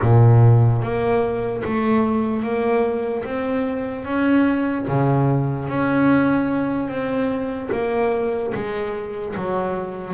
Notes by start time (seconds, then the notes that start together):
0.01 A#2
0.81 A#3
1.64 A3
2.43 A#3
3.24 C4
4.04 C#4
4.87 C#3
5.68 C#4
6.88 C4
7.72 A#3
8.54 G#3
9.35 F#3